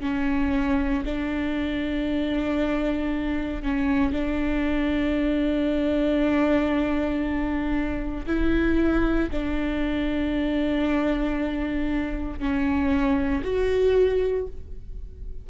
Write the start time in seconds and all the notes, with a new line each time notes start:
0.00 C#4
1.04 D4
3.62 C#4
4.12 D4
8.26 E4
9.30 D4
12.39 C#4
13.43 F#4